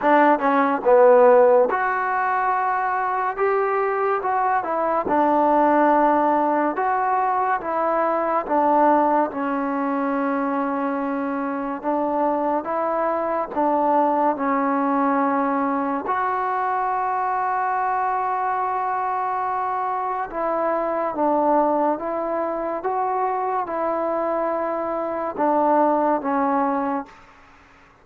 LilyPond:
\new Staff \with { instrumentName = "trombone" } { \time 4/4 \tempo 4 = 71 d'8 cis'8 b4 fis'2 | g'4 fis'8 e'8 d'2 | fis'4 e'4 d'4 cis'4~ | cis'2 d'4 e'4 |
d'4 cis'2 fis'4~ | fis'1 | e'4 d'4 e'4 fis'4 | e'2 d'4 cis'4 | }